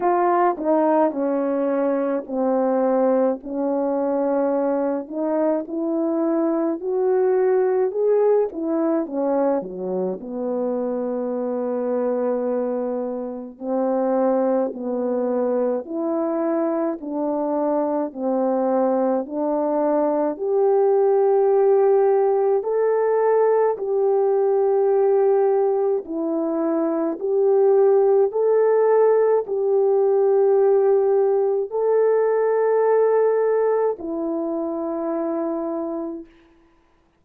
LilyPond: \new Staff \with { instrumentName = "horn" } { \time 4/4 \tempo 4 = 53 f'8 dis'8 cis'4 c'4 cis'4~ | cis'8 dis'8 e'4 fis'4 gis'8 e'8 | cis'8 fis8 b2. | c'4 b4 e'4 d'4 |
c'4 d'4 g'2 | a'4 g'2 e'4 | g'4 a'4 g'2 | a'2 e'2 | }